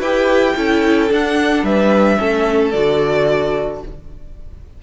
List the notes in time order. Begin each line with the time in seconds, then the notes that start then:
0.00 E4 G4 B4 G5
0.55 C#4 E4 A4
1.09 D4 F#5
1.63 G3 B4 E5
2.17 A3 C#4 A4
2.71 D3 F#4 D5